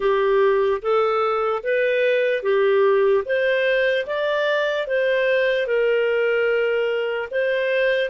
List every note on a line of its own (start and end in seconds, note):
0.00 0.81 G4
0.81 1.63 A4
1.63 2.43 B4
2.43 3.24 G4
3.25 4.06 C5
4.06 4.87 D5
4.87 5.66 C5
5.66 7.29 A#4
7.30 8.09 C5